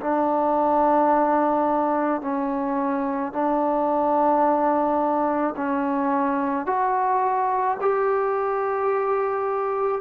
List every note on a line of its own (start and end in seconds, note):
0.00 2.21 D4
2.21 3.32 C#4
3.32 5.55 D4
5.57 6.66 C#4
6.66 7.77 F#4
7.81 10.01 G4